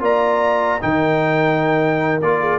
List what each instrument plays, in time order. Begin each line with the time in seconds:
0.00 tuba A#3, trombone F4, horn D5, trumpet A#5
0.81 tuba D#3, trombone D#4, horn A#4, trumpet G5
2.22 tuba A#3, trombone F4, trumpet D5
2.40 horn G#4